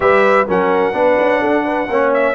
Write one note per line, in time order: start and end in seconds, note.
0.00 0.46 G3
0.00 0.45 G4
0.00 0.47 B4
0.00 0.47 E5
0.47 0.93 F#3
0.47 0.93 C#4
0.47 0.93 A#4
0.47 2.13 F#5
0.93 1.17 B3
0.93 1.87 D4
0.93 1.40 B4
1.18 1.42 C#4
1.40 1.88 D4
1.40 1.64 A4
1.65 1.88 B4
1.88 2.35 A#3
1.88 2.35 C#4
1.88 2.35 C#5
2.13 2.35 E5